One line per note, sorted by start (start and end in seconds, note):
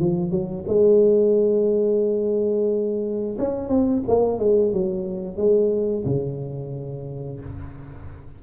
0.00 0.31 F3
0.31 0.65 F#3
0.68 3.38 G#3
3.39 3.69 C#4
3.69 4.03 C4
4.08 4.39 A#3
4.39 4.73 G#3
4.73 5.37 F#3
5.37 6.05 G#3
6.06 7.40 C#3